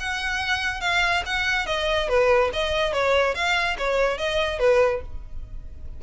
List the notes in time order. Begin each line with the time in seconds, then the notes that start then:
0.00 F#5
0.81 F5
1.26 F#5
1.66 D#5
2.09 B4
2.53 D#5
2.93 C#5
3.35 F5
3.78 C#5
4.18 D#5
4.59 B4